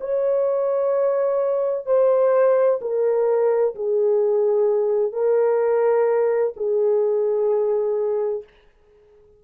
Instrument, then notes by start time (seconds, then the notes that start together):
horn
0.00 C#5
1.86 C5
2.81 A#4
3.75 G#4
5.12 A#4
6.56 G#4